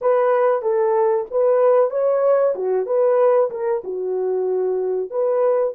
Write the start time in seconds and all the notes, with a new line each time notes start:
0.01 B4
0.62 A4
1.31 B4
1.90 C#5
2.55 F#4
2.86 B4
3.50 A#4
3.84 F#4
5.10 B4